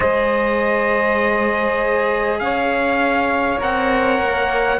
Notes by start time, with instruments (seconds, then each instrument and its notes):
0.00 cello G#3 G#4, saxophone C5, trumpet D#5
2.39 cello C#4, saxophone C#5, trumpet F5
3.59 cello C4 A#4, trumpet F#5
4.19 cello A#3